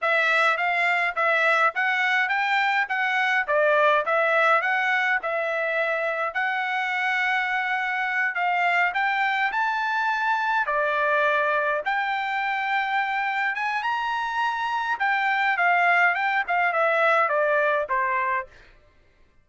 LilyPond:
\new Staff \with { instrumentName = "trumpet" } { \time 4/4 \tempo 4 = 104 e''4 f''4 e''4 fis''4 | g''4 fis''4 d''4 e''4 | fis''4 e''2 fis''4~ | fis''2~ fis''8 f''4 g''8~ |
g''8 a''2 d''4.~ | d''8 g''2. gis''8 | ais''2 g''4 f''4 | g''8 f''8 e''4 d''4 c''4 | }